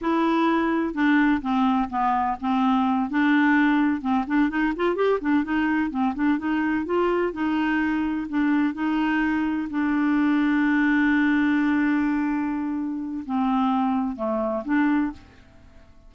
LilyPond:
\new Staff \with { instrumentName = "clarinet" } { \time 4/4 \tempo 4 = 127 e'2 d'4 c'4 | b4 c'4. d'4.~ | d'8 c'8 d'8 dis'8 f'8 g'8 d'8 dis'8~ | dis'8 c'8 d'8 dis'4 f'4 dis'8~ |
dis'4. d'4 dis'4.~ | dis'8 d'2.~ d'8~ | d'1 | c'2 a4 d'4 | }